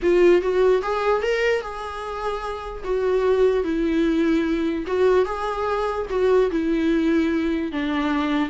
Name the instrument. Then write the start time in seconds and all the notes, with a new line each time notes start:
viola
0.02 F4
0.41 F#4
0.82 G#4
1.22 A#4
1.61 G#4
2.84 F#4
3.63 E4
4.86 F#4
5.25 G#4
6.09 F#4
6.50 E4
7.71 D4